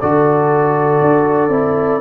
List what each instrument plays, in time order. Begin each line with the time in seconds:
0.00 tuba D3, trombone F#4, horn A4, trumpet D5
1.01 tuba D4
1.49 tuba C4, trombone E4